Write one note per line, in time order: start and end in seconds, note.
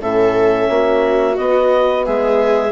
0.00 0.69 A2
0.00 1.36 C#4
0.00 0.70 A4
0.00 1.36 E5
0.69 1.37 A#3
0.69 2.05 F#4
1.36 2.71 B3
1.36 2.07 B3
1.36 2.04 D#5
2.05 2.71 G#3
2.05 2.71 G#4
2.05 2.71 E5